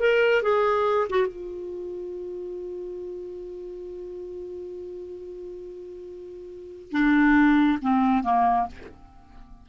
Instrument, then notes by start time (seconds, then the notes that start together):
clarinet
0.00 A#4
0.43 G#4
1.10 F#4
1.27 F4
6.92 D4
7.82 C4
8.24 A#3